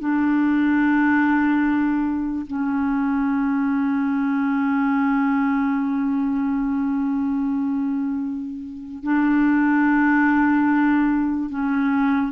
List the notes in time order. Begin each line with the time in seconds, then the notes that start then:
0.00 D4
2.47 C#4
9.04 D4
11.50 C#4